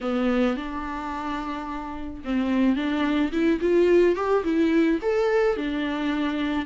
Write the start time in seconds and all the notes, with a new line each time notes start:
0.01 B3
0.56 D4
2.24 C4
2.76 D4
3.32 E4
3.60 F4
4.15 G4
4.44 E4
5.02 A4
5.57 D4